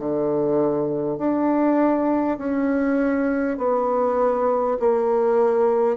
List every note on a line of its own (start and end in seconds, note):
0.00 1.18 D3
1.18 2.38 D4
2.39 3.58 C#4
3.58 4.78 B3
4.80 5.97 A#3